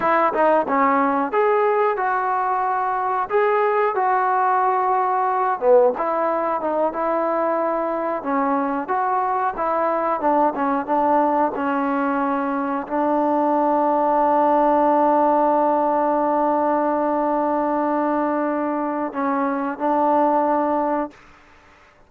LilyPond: \new Staff \with { instrumentName = "trombone" } { \time 4/4 \tempo 4 = 91 e'8 dis'8 cis'4 gis'4 fis'4~ | fis'4 gis'4 fis'2~ | fis'8 b8 e'4 dis'8 e'4.~ | e'8 cis'4 fis'4 e'4 d'8 |
cis'8 d'4 cis'2 d'8~ | d'1~ | d'1~ | d'4 cis'4 d'2 | }